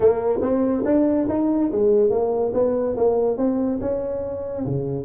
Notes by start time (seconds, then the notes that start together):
0.00 A#3
0.41 C4
0.85 D4
1.28 D#4
1.71 G#3
2.10 A#3
2.53 B3
2.96 A#3
3.37 C4
3.80 C#4
4.65 C#3